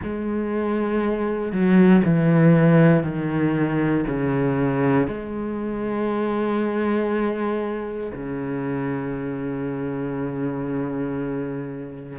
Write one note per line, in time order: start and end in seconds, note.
0.02 1.52 G#3
1.52 2.02 F#3
2.04 3.03 E3
3.03 4.04 D#3
4.07 5.07 C#3
5.07 8.12 G#3
8.13 12.18 C#3